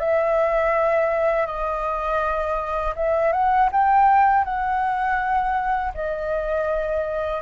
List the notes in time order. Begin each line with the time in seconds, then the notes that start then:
0.00 E5
1.47 D#5
2.96 E5
3.33 F#5
3.72 G5
4.45 F#5
5.95 D#5